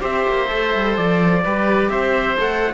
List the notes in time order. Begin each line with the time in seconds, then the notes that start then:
0.00 C4 G4 C5 E5
0.28 A#3
0.49 A3 A4
0.76 G3
0.97 F3 D5
1.45 G3 G4 B4
1.90 C4 C5 E5
2.37 A3 A4 F#5